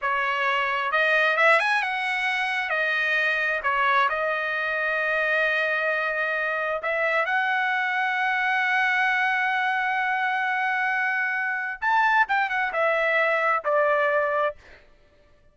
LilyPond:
\new Staff \with { instrumentName = "trumpet" } { \time 4/4 \tempo 4 = 132 cis''2 dis''4 e''8 gis''8 | fis''2 dis''2 | cis''4 dis''2.~ | dis''2. e''4 |
fis''1~ | fis''1~ | fis''2 a''4 g''8 fis''8 | e''2 d''2 | }